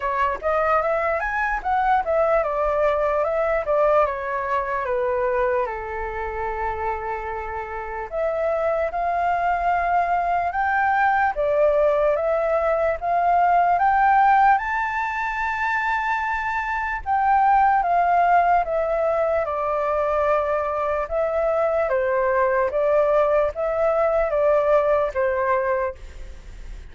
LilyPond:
\new Staff \with { instrumentName = "flute" } { \time 4/4 \tempo 4 = 74 cis''8 dis''8 e''8 gis''8 fis''8 e''8 d''4 | e''8 d''8 cis''4 b'4 a'4~ | a'2 e''4 f''4~ | f''4 g''4 d''4 e''4 |
f''4 g''4 a''2~ | a''4 g''4 f''4 e''4 | d''2 e''4 c''4 | d''4 e''4 d''4 c''4 | }